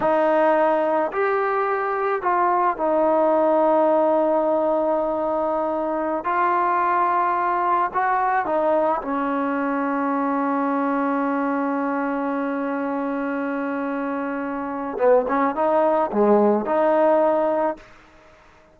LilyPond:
\new Staff \with { instrumentName = "trombone" } { \time 4/4 \tempo 4 = 108 dis'2 g'2 | f'4 dis'2.~ | dis'2.~ dis'16 f'8.~ | f'2~ f'16 fis'4 dis'8.~ |
dis'16 cis'2.~ cis'8.~ | cis'1~ | cis'2. b8 cis'8 | dis'4 gis4 dis'2 | }